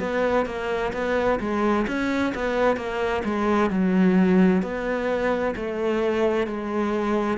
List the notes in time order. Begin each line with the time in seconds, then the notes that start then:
0.00 B3
0.46 A#3
0.94 B3
1.40 G#3
1.88 C#4
2.35 B3
2.77 A#3
3.25 G#3
3.71 F#3
4.63 B3
5.56 A3
6.47 G#3